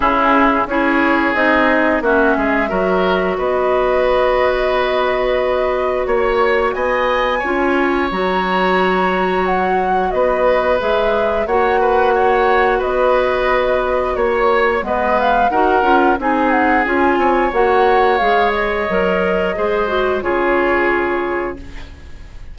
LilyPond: <<
  \new Staff \with { instrumentName = "flute" } { \time 4/4 \tempo 4 = 89 gis'4 cis''4 dis''4 e''4~ | e''4 dis''2.~ | dis''4 cis''4 gis''2 | ais''2 fis''4 dis''4 |
e''4 fis''2 dis''4~ | dis''4 cis''4 dis''8 f''8 fis''4 | gis''8 fis''8 gis''4 fis''4 f''8 dis''8~ | dis''2 cis''2 | }
  \new Staff \with { instrumentName = "oboe" } { \time 4/4 e'4 gis'2 fis'8 gis'8 | ais'4 b'2.~ | b'4 cis''4 dis''4 cis''4~ | cis''2. b'4~ |
b'4 cis''8 b'8 cis''4 b'4~ | b'4 cis''4 b'4 ais'4 | gis'4. cis''2~ cis''8~ | cis''4 c''4 gis'2 | }
  \new Staff \with { instrumentName = "clarinet" } { \time 4/4 cis'4 e'4 dis'4 cis'4 | fis'1~ | fis'2. f'4 | fis'1 |
gis'4 fis'2.~ | fis'2 b4 fis'8 f'8 | dis'4 f'4 fis'4 gis'4 | ais'4 gis'8 fis'8 f'2 | }
  \new Staff \with { instrumentName = "bassoon" } { \time 4/4 cis4 cis'4 c'4 ais8 gis8 | fis4 b2.~ | b4 ais4 b4 cis'4 | fis2. b4 |
gis4 ais2 b4~ | b4 ais4 gis4 dis'8 cis'8 | c'4 cis'8 c'8 ais4 gis4 | fis4 gis4 cis2 | }
>>